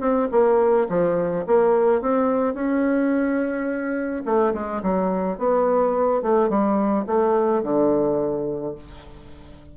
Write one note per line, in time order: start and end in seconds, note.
0.00 0.28 C4
0.31 0.87 A#3
0.88 1.45 F3
1.46 2.01 A#3
2.01 2.54 C4
2.54 4.22 C#4
4.25 4.53 A3
4.53 4.81 G#3
4.82 5.38 F#3
5.38 6.22 B3
6.22 6.49 A3
6.49 7.05 G3
7.07 7.63 A3
7.63 8.75 D3